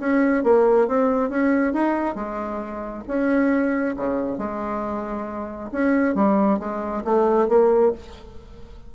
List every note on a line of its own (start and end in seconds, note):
0.00 0.44 C#4
0.44 0.88 A#3
0.88 1.30 C4
1.30 1.74 C#4
1.74 2.16 D#4
2.16 3.04 G#3
3.08 3.96 C#4
3.97 4.38 C#3
4.38 5.71 G#3
5.72 6.15 C#4
6.15 6.60 G3
6.60 7.04 G#3
7.05 7.49 A3
7.49 7.93 A#3